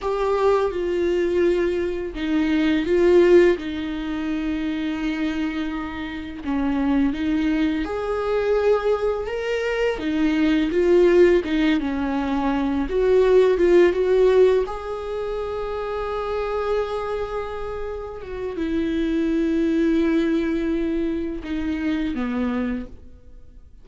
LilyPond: \new Staff \with { instrumentName = "viola" } { \time 4/4 \tempo 4 = 84 g'4 f'2 dis'4 | f'4 dis'2.~ | dis'4 cis'4 dis'4 gis'4~ | gis'4 ais'4 dis'4 f'4 |
dis'8 cis'4. fis'4 f'8 fis'8~ | fis'8 gis'2.~ gis'8~ | gis'4. fis'8 e'2~ | e'2 dis'4 b4 | }